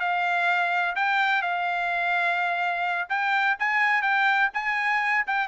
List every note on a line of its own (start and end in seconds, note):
0.00 0.95 F5
0.95 1.42 G5
1.42 3.08 F5
3.09 3.57 G5
3.59 4.02 G#5
4.02 4.49 G5
4.54 5.25 G#5
5.27 5.48 G5